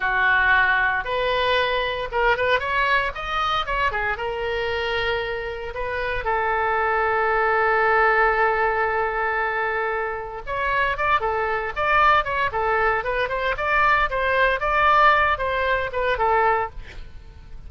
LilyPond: \new Staff \with { instrumentName = "oboe" } { \time 4/4 \tempo 4 = 115 fis'2 b'2 | ais'8 b'8 cis''4 dis''4 cis''8 gis'8 | ais'2. b'4 | a'1~ |
a'1 | cis''4 d''8 a'4 d''4 cis''8 | a'4 b'8 c''8 d''4 c''4 | d''4. c''4 b'8 a'4 | }